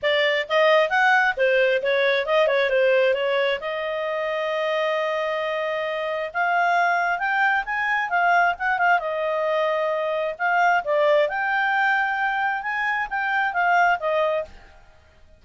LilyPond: \new Staff \with { instrumentName = "clarinet" } { \time 4/4 \tempo 4 = 133 d''4 dis''4 fis''4 c''4 | cis''4 dis''8 cis''8 c''4 cis''4 | dis''1~ | dis''2 f''2 |
g''4 gis''4 f''4 fis''8 f''8 | dis''2. f''4 | d''4 g''2. | gis''4 g''4 f''4 dis''4 | }